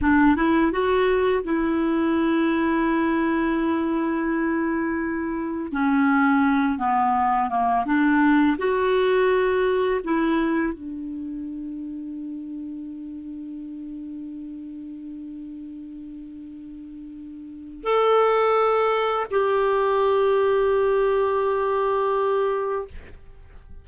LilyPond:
\new Staff \with { instrumentName = "clarinet" } { \time 4/4 \tempo 4 = 84 d'8 e'8 fis'4 e'2~ | e'1 | cis'4. b4 ais8 d'4 | fis'2 e'4 d'4~ |
d'1~ | d'1~ | d'4 a'2 g'4~ | g'1 | }